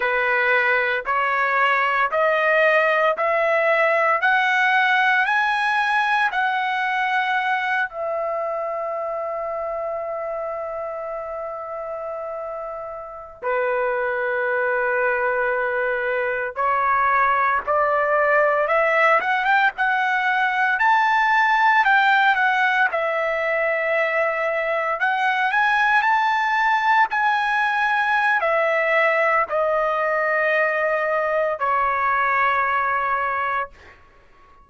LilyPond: \new Staff \with { instrumentName = "trumpet" } { \time 4/4 \tempo 4 = 57 b'4 cis''4 dis''4 e''4 | fis''4 gis''4 fis''4. e''8~ | e''1~ | e''8. b'2. cis''16~ |
cis''8. d''4 e''8 fis''16 g''16 fis''4 a''16~ | a''8. g''8 fis''8 e''2 fis''16~ | fis''16 gis''8 a''4 gis''4~ gis''16 e''4 | dis''2 cis''2 | }